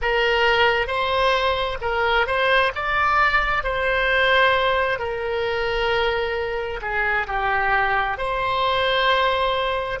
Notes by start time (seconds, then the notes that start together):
0.01 A#4
0.87 C5
1.81 A#4
2.26 C5
2.75 D5
3.63 C5
4.98 A#4
6.81 G#4
7.27 G4
8.17 C5